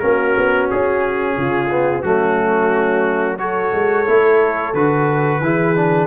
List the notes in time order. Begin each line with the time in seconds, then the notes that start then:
0.00 A#3 C#4 F#4 A#4
0.38 B3
0.71 C#4 G#4
1.37 C#3 F4
1.71 B3
2.03 F#3 A3 C#4 F#4
3.39 F#4 A4 C#5
3.73 G#3
4.07 A3 E4
4.74 D3 F#4 B4
5.41 E3 E4 G#4
5.76 D4